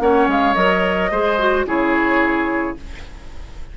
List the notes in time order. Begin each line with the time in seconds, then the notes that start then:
0.00 A#3 C#4 C#5 F#5
0.28 G#3 F5
0.54 F#3 A#4 D#5
1.11 G#3 G#4 C5
1.39 F#4
1.65 C#3 E4 G#4 C#5